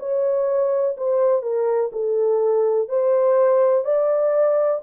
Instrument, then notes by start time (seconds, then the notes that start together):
horn
0.00 C#5
0.97 C5
1.43 A#4
1.93 A4
2.89 C5
3.85 D5